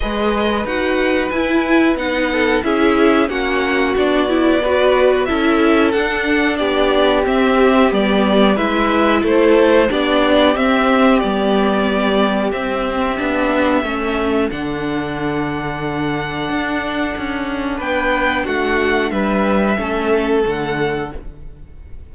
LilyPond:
<<
  \new Staff \with { instrumentName = "violin" } { \time 4/4 \tempo 4 = 91 dis''4 fis''4 gis''4 fis''4 | e''4 fis''4 d''2 | e''4 fis''4 d''4 e''4 | d''4 e''4 c''4 d''4 |
e''4 d''2 e''4~ | e''2 fis''2~ | fis''2. g''4 | fis''4 e''2 fis''4 | }
  \new Staff \with { instrumentName = "violin" } { \time 4/4 b'2.~ b'8 a'8 | gis'4 fis'2 b'4 | a'2 g'2~ | g'4 b'4 a'4 g'4~ |
g'1~ | g'4 a'2.~ | a'2. b'4 | fis'4 b'4 a'2 | }
  \new Staff \with { instrumentName = "viola" } { \time 4/4 gis'4 fis'4 e'4 dis'4 | e'4 cis'4 d'8 e'8 fis'4 | e'4 d'2 c'4 | b4 e'2 d'4 |
c'4 b2 c'4 | d'4 cis'4 d'2~ | d'1~ | d'2 cis'4 a4 | }
  \new Staff \with { instrumentName = "cello" } { \time 4/4 gis4 dis'4 e'4 b4 | cis'4 ais4 b2 | cis'4 d'4 b4 c'4 | g4 gis4 a4 b4 |
c'4 g2 c'4 | b4 a4 d2~ | d4 d'4 cis'4 b4 | a4 g4 a4 d4 | }
>>